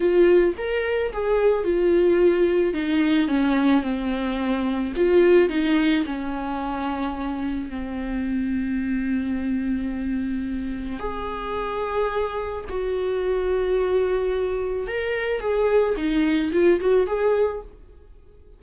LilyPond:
\new Staff \with { instrumentName = "viola" } { \time 4/4 \tempo 4 = 109 f'4 ais'4 gis'4 f'4~ | f'4 dis'4 cis'4 c'4~ | c'4 f'4 dis'4 cis'4~ | cis'2 c'2~ |
c'1 | gis'2. fis'4~ | fis'2. ais'4 | gis'4 dis'4 f'8 fis'8 gis'4 | }